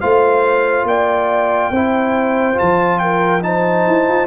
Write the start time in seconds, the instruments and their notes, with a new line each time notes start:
0.00 tuba A3, trombone F4, horn C5, trumpet F5
0.83 tuba A#3, horn D5, trumpet G5
1.71 tuba C4, trombone E4, horn C5
2.53 trombone F4, trumpet A5
2.61 tuba F3
2.98 horn A#4, trumpet G5
3.42 trombone D#4, horn C5, trumpet A5
3.87 tuba E4
4.08 tuba F4